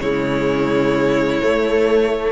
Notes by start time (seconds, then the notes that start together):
0.00 C#3 G#3 E4 C#5
1.42 A3